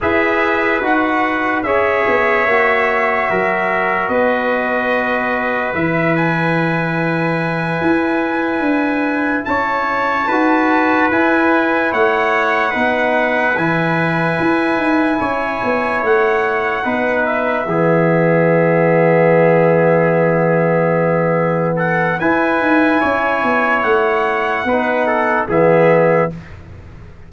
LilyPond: <<
  \new Staff \with { instrumentName = "trumpet" } { \time 4/4 \tempo 4 = 73 e''4 fis''4 e''2~ | e''4 dis''2 e''8 gis''8~ | gis''2.~ gis''8 a''8~ | a''4. gis''4 fis''4.~ |
fis''8 gis''2. fis''8~ | fis''4 e''2.~ | e''2~ e''8 fis''8 gis''4~ | gis''4 fis''2 e''4 | }
  \new Staff \with { instrumentName = "trumpet" } { \time 4/4 b'2 cis''2 | ais'4 b'2.~ | b'2.~ b'8 cis''8~ | cis''8 b'2 cis''4 b'8~ |
b'2~ b'8 cis''4.~ | cis''8 b'4 gis'2~ gis'8~ | gis'2~ gis'8 a'8 b'4 | cis''2 b'8 a'8 gis'4 | }
  \new Staff \with { instrumentName = "trombone" } { \time 4/4 gis'4 fis'4 gis'4 fis'4~ | fis'2. e'4~ | e'1~ | e'8 fis'4 e'2 dis'8~ |
dis'8 e'2.~ e'8~ | e'8 dis'4 b2~ b8~ | b2. e'4~ | e'2 dis'4 b4 | }
  \new Staff \with { instrumentName = "tuba" } { \time 4/4 e'4 dis'4 cis'8 b8 ais4 | fis4 b2 e4~ | e4. e'4 d'4 cis'8~ | cis'8 dis'4 e'4 a4 b8~ |
b8 e4 e'8 dis'8 cis'8 b8 a8~ | a8 b4 e2~ e8~ | e2. e'8 dis'8 | cis'8 b8 a4 b4 e4 | }
>>